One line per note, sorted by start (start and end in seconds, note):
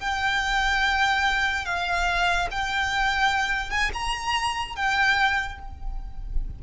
0.00 1.65 G5
1.65 2.48 F5
2.51 3.70 G5
3.70 3.91 G#5
3.93 4.76 A#5
4.76 5.59 G5